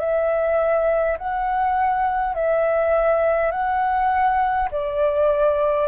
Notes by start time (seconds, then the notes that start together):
0.00 E5
1.19 F#5
2.35 E5
3.52 F#5
4.72 D5